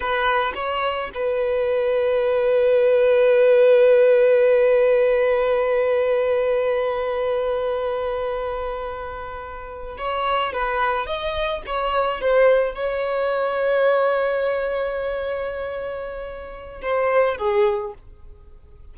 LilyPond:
\new Staff \with { instrumentName = "violin" } { \time 4/4 \tempo 4 = 107 b'4 cis''4 b'2~ | b'1~ | b'1~ | b'1~ |
b'4.~ b'16 cis''4 b'4 dis''16~ | dis''8. cis''4 c''4 cis''4~ cis''16~ | cis''1~ | cis''2 c''4 gis'4 | }